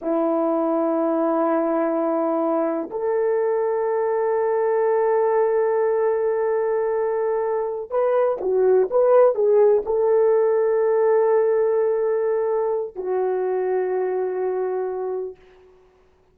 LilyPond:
\new Staff \with { instrumentName = "horn" } { \time 4/4 \tempo 4 = 125 e'1~ | e'2 a'2~ | a'1~ | a'1~ |
a'8 b'4 fis'4 b'4 gis'8~ | gis'8 a'2.~ a'8~ | a'2. fis'4~ | fis'1 | }